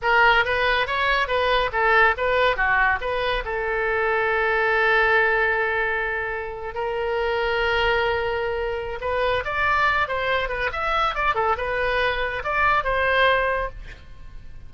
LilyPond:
\new Staff \with { instrumentName = "oboe" } { \time 4/4 \tempo 4 = 140 ais'4 b'4 cis''4 b'4 | a'4 b'4 fis'4 b'4 | a'1~ | a'2.~ a'8. ais'16~ |
ais'1~ | ais'4 b'4 d''4. c''8~ | c''8 b'8 e''4 d''8 a'8 b'4~ | b'4 d''4 c''2 | }